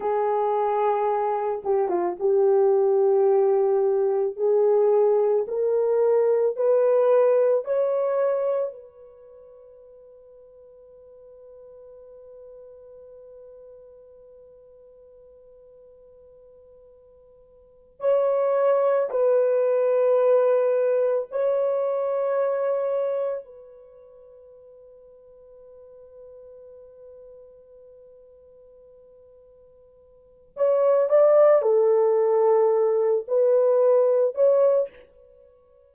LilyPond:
\new Staff \with { instrumentName = "horn" } { \time 4/4 \tempo 4 = 55 gis'4. g'16 f'16 g'2 | gis'4 ais'4 b'4 cis''4 | b'1~ | b'1~ |
b'8 cis''4 b'2 cis''8~ | cis''4. b'2~ b'8~ | b'1 | cis''8 d''8 a'4. b'4 cis''8 | }